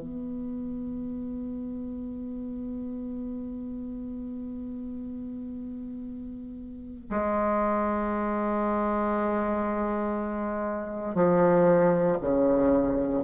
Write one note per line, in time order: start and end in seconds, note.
0.00 7.10 B3
7.10 11.15 G#3
11.15 12.17 F3
12.21 13.22 C#3